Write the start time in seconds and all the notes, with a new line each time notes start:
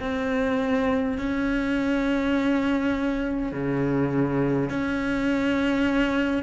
0.00 C4
1.18 C#4
3.52 C#3
4.70 C#4